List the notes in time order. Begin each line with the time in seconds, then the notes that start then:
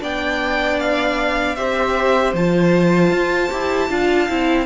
0.00 B3 D4 D5 G5
0.79 F5
1.55 C4 G4 C5 E5
2.33 F3 F4 A5
3.11 F4
3.50 E4 G4
3.89 D4 F4 F5
4.28 C4 E4